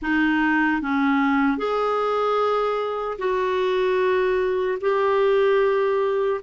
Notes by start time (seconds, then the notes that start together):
0.02 D#4
0.81 C#4
1.57 G#4
3.18 F#4
4.80 G4